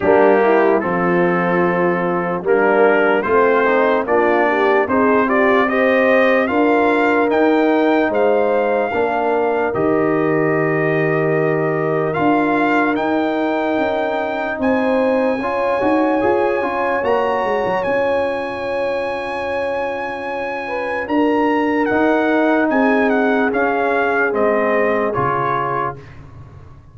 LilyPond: <<
  \new Staff \with { instrumentName = "trumpet" } { \time 4/4 \tempo 4 = 74 g'4 a'2 ais'4 | c''4 d''4 c''8 d''8 dis''4 | f''4 g''4 f''2 | dis''2. f''4 |
g''2 gis''2~ | gis''4 ais''4 gis''2~ | gis''2 ais''4 fis''4 | gis''8 fis''8 f''4 dis''4 cis''4 | }
  \new Staff \with { instrumentName = "horn" } { \time 4/4 d'8 e'8 f'2 d'4 | c'4 f'8 g'8 gis'8 g'8 c''4 | ais'2 c''4 ais'4~ | ais'1~ |
ais'2 c''4 cis''4~ | cis''1~ | cis''4. b'8 ais'2 | gis'1 | }
  \new Staff \with { instrumentName = "trombone" } { \time 4/4 ais4 c'2 ais4 | f'8 dis'8 d'4 dis'8 f'8 g'4 | f'4 dis'2 d'4 | g'2. f'4 |
dis'2. f'8 fis'8 | gis'8 f'8 fis'4 f'2~ | f'2. dis'4~ | dis'4 cis'4 c'4 f'4 | }
  \new Staff \with { instrumentName = "tuba" } { \time 4/4 g4 f2 g4 | a4 ais4 c'2 | d'4 dis'4 gis4 ais4 | dis2. d'4 |
dis'4 cis'4 c'4 cis'8 dis'8 | f'8 cis'8 ais8 gis16 fis16 cis'2~ | cis'2 d'4 dis'4 | c'4 cis'4 gis4 cis4 | }
>>